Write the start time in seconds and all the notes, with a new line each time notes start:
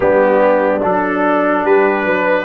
0.00 G3 B3 D4 G4
0.82 F#3 D4 A4
1.62 G3 G4 B4
2.04 F#3 B4